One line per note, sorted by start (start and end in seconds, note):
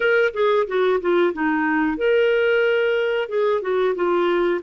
0.00 0.32 A#4
0.33 0.66 G#4
0.67 1.00 F#4
1.00 1.33 F4
1.33 1.97 D#4
1.97 3.28 A#4
3.28 3.61 G#4
3.61 3.94 F#4
3.95 4.61 F4